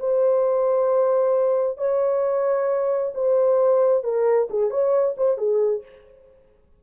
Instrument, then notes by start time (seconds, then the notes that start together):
horn
0.00 C5
1.78 C#5
3.15 C5
4.04 A#4
4.51 G#4
4.71 C#5
5.18 C5
5.38 G#4